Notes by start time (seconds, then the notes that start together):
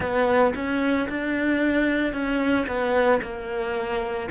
0.00 B3
0.55 C#4
1.09 D4
2.13 C#4
2.67 B3
3.21 A#3